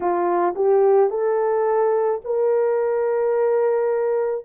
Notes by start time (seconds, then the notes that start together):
0.00 F4
0.55 G4
1.10 A4
2.24 A#4